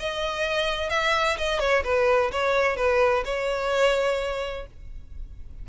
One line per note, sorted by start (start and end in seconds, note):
0.00 0.90 D#5
0.90 1.37 E5
1.38 1.60 D#5
1.60 1.84 C#5
1.84 2.31 B4
2.32 2.77 C#5
2.77 3.24 B4
3.25 4.67 C#5